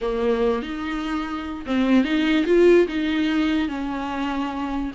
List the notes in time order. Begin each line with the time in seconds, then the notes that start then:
0.01 A#3
0.62 D#4
1.66 C4
2.04 D#4
2.46 F4
2.87 D#4
3.68 C#4